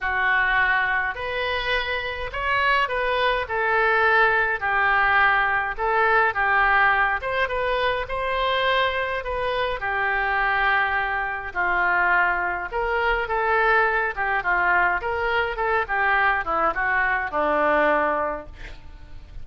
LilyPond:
\new Staff \with { instrumentName = "oboe" } { \time 4/4 \tempo 4 = 104 fis'2 b'2 | cis''4 b'4 a'2 | g'2 a'4 g'4~ | g'8 c''8 b'4 c''2 |
b'4 g'2. | f'2 ais'4 a'4~ | a'8 g'8 f'4 ais'4 a'8 g'8~ | g'8 e'8 fis'4 d'2 | }